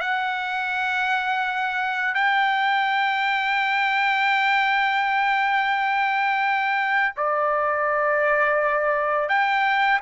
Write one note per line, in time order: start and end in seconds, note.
0.00 2.14 F#5
2.14 7.14 G5
7.16 9.28 D5
9.28 10.00 G5